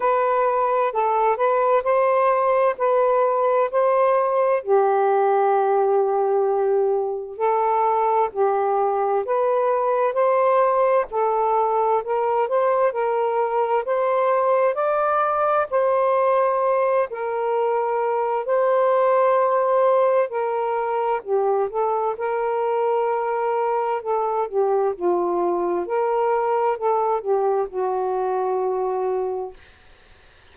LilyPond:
\new Staff \with { instrumentName = "saxophone" } { \time 4/4 \tempo 4 = 65 b'4 a'8 b'8 c''4 b'4 | c''4 g'2. | a'4 g'4 b'4 c''4 | a'4 ais'8 c''8 ais'4 c''4 |
d''4 c''4. ais'4. | c''2 ais'4 g'8 a'8 | ais'2 a'8 g'8 f'4 | ais'4 a'8 g'8 fis'2 | }